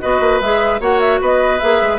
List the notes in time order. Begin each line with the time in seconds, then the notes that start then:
0.00 B3 F#4 B4 D#5
0.20 A#3
0.41 G#3 G#4 E5
0.80 A#3 F#4 C#5 F#5
1.00 E5
1.20 B3 B4 D#5
1.59 A#3 G#4 E5
1.82 G#3